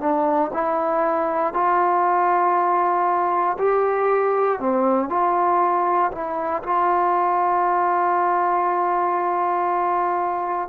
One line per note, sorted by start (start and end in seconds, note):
0.00 0.51 D4
0.53 1.54 E4
1.54 3.57 F4
3.59 4.60 G4
4.60 5.09 C4
5.09 6.11 F4
6.12 6.62 E4
6.63 10.69 F4